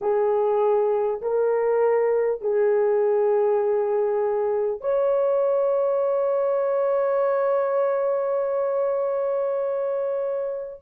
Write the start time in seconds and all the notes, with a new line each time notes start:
0.01 G#4
1.21 A#4
2.41 G#4
4.81 C#5